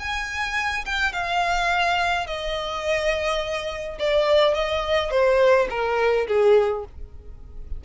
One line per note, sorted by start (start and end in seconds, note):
0.00 0.86 G#5
0.86 1.13 G5
1.13 2.27 F5
2.27 3.98 D#5
3.99 4.55 D5
4.55 5.11 D#5
5.11 5.68 C5
5.70 6.27 A#4
6.28 6.85 G#4